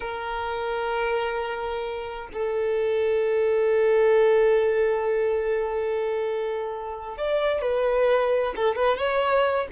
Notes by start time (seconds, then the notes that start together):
0.00 A#4
2.33 A4
7.17 D5
7.61 B4
8.56 A4
8.75 B4
8.97 C#5